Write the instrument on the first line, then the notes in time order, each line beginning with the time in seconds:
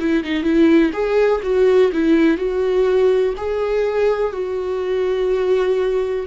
viola
0.00 E4
0.24 D#4
0.44 E4
0.93 G#4
1.43 F#4
1.93 E4
2.38 F#4
3.37 G#4
4.33 F#4